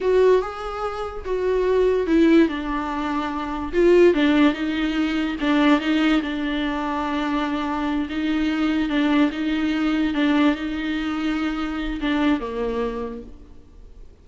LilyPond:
\new Staff \with { instrumentName = "viola" } { \time 4/4 \tempo 4 = 145 fis'4 gis'2 fis'4~ | fis'4 e'4 d'2~ | d'4 f'4 d'4 dis'4~ | dis'4 d'4 dis'4 d'4~ |
d'2.~ d'8 dis'8~ | dis'4. d'4 dis'4.~ | dis'8 d'4 dis'2~ dis'8~ | dis'4 d'4 ais2 | }